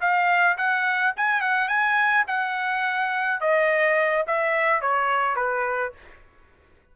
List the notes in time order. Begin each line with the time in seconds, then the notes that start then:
0.00 F5
0.57 F#5
1.16 G#5
1.40 F#5
1.68 G#5
2.27 F#5
3.40 D#5
4.27 E5
4.81 C#5
5.35 B4